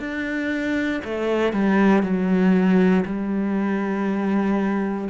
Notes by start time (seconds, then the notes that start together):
0.00 D4
1.05 A3
1.53 G3
2.03 F#3
3.06 G3